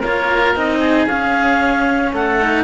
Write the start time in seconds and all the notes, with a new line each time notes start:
0.00 A#3 F4 A#4 C#5
0.55 C4 D#4 D#5
0.80 G#4
1.07 C#4 F5
2.13 A3 A4 F#5
2.41 D#4